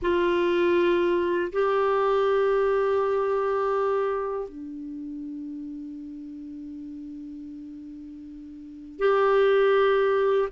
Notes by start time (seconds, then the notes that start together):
0.01 F4
1.52 G4
4.48 D4
8.98 G4